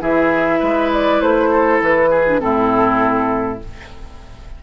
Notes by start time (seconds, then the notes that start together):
0.00 E3 E4 G#4 E5
0.59 G#3 B4
0.93 D5
1.21 A3 C5
1.50 A4
1.81 E3 B4
2.10 G#4
2.26 D4
2.40 A2 C4 E4 A4